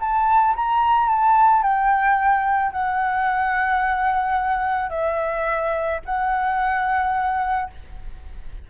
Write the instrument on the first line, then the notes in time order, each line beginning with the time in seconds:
flute
0.00 A5
0.56 A#5
1.08 A5
1.63 G5
2.72 F#5
4.90 E5
6.05 F#5